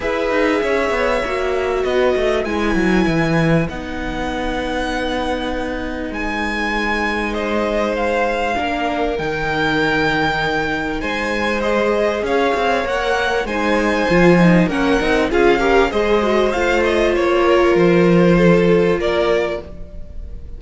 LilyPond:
<<
  \new Staff \with { instrumentName = "violin" } { \time 4/4 \tempo 4 = 98 e''2. dis''4 | gis''2 fis''2~ | fis''2 gis''2 | dis''4 f''2 g''4~ |
g''2 gis''4 dis''4 | f''4 fis''4 gis''2 | fis''4 f''4 dis''4 f''8 dis''8 | cis''4 c''2 d''4 | }
  \new Staff \with { instrumentName = "violin" } { \time 4/4 b'4 cis''2 b'4~ | b'1~ | b'1 | c''2 ais'2~ |
ais'2 c''2 | cis''2 c''2 | ais'4 gis'8 ais'8 c''2~ | c''8 ais'4. a'4 ais'4 | }
  \new Staff \with { instrumentName = "viola" } { \time 4/4 gis'2 fis'2 | e'2 dis'2~ | dis'1~ | dis'2 d'4 dis'4~ |
dis'2. gis'4~ | gis'4 ais'4 dis'4 f'8 dis'8 | cis'8 dis'8 f'8 g'8 gis'8 fis'8 f'4~ | f'1 | }
  \new Staff \with { instrumentName = "cello" } { \time 4/4 e'8 dis'8 cis'8 b8 ais4 b8 a8 | gis8 fis8 e4 b2~ | b2 gis2~ | gis2 ais4 dis4~ |
dis2 gis2 | cis'8 c'8 ais4 gis4 f4 | ais8 c'8 cis'4 gis4 a4 | ais4 f2 ais4 | }
>>